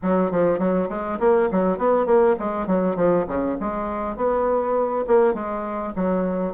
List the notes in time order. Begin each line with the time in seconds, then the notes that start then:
0.02 F#3
0.31 F3
0.58 F#3
0.89 G#3
1.19 A#3
1.51 F#3
1.77 B3
2.06 A#3
2.39 G#3
2.66 F#3
2.95 F3
3.27 C#3
3.59 G#3
4.16 B3
5.07 A#3
5.34 G#3
5.95 F#3